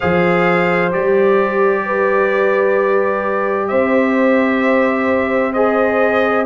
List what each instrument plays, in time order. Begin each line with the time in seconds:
0.00 tuba F3, trombone G#4, horn C5, trumpet F5
0.91 tuba G3, trombone G4, trumpet D5
1.86 horn B4
3.68 tuba C4, horn C5, trumpet E5
5.53 trombone G#4, trumpet D#5